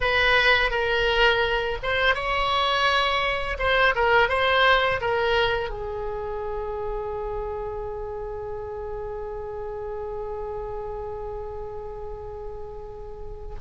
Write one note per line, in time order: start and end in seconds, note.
0.00 0.70 B4
0.70 1.78 A#4
1.82 2.14 C5
2.14 3.57 C#5
3.58 3.94 C5
3.95 4.29 A#4
4.29 5.00 C5
5.00 5.69 A#4
5.69 13.55 G#4